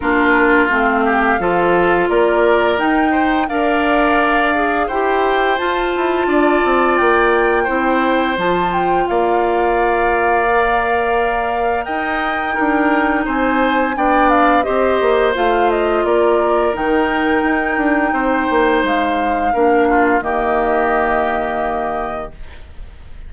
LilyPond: <<
  \new Staff \with { instrumentName = "flute" } { \time 4/4 \tempo 4 = 86 ais'4 f''2 d''4 | g''4 f''2 g''4 | a''2 g''2 | a''8 g''8 f''2.~ |
f''4 g''2 gis''4 | g''8 f''8 dis''4 f''8 dis''8 d''4 | g''2. f''4~ | f''4 dis''2. | }
  \new Staff \with { instrumentName = "oboe" } { \time 4/4 f'4. g'8 a'4 ais'4~ | ais'8 c''8 d''2 c''4~ | c''4 d''2 c''4~ | c''4 d''2.~ |
d''4 dis''4 ais'4 c''4 | d''4 c''2 ais'4~ | ais'2 c''2 | ais'8 f'8 g'2. | }
  \new Staff \with { instrumentName = "clarinet" } { \time 4/4 d'4 c'4 f'2 | dis'4 ais'4. gis'8 g'4 | f'2. e'4 | f'2. ais'4~ |
ais'2 dis'2 | d'4 g'4 f'2 | dis'1 | d'4 ais2. | }
  \new Staff \with { instrumentName = "bassoon" } { \time 4/4 ais4 a4 f4 ais4 | dis'4 d'2 e'4 | f'8 e'8 d'8 c'8 ais4 c'4 | f4 ais2.~ |
ais4 dis'4 d'4 c'4 | b4 c'8 ais8 a4 ais4 | dis4 dis'8 d'8 c'8 ais8 gis4 | ais4 dis2. | }
>>